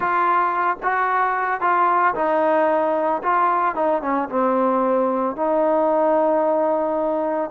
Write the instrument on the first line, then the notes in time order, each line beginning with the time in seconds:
trombone
0.00 F4
0.82 F#4
1.60 F4
2.14 D#4
3.22 F4
3.75 D#4
4.02 C#4
4.29 C4
5.36 D#4